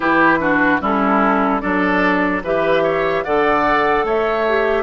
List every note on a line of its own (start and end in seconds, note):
0.00 0.80 E3
0.00 0.39 E4
0.00 0.38 G4
0.00 0.81 B4
0.39 0.80 D4
0.39 0.81 F#4
0.80 1.61 G3
0.80 1.61 C#4
0.80 1.61 E4
0.80 1.60 A4
1.60 2.42 F#3
1.60 2.42 D4
1.60 2.43 A4
1.60 2.41 D5
2.42 3.23 E3
2.42 3.26 G4
2.42 2.83 B4
2.42 3.23 E5
2.83 3.23 C#5
3.23 4.03 D3
3.23 4.47 A4
3.23 4.05 D5
3.23 4.04 F#5
4.03 4.83 A3
4.03 4.83 C#5
4.03 4.83 E5
4.48 4.83 G4